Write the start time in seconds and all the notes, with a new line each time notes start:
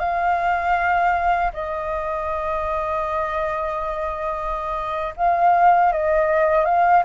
0.00 F5
1.53 D#5
5.16 F5
5.92 D#5
6.65 F5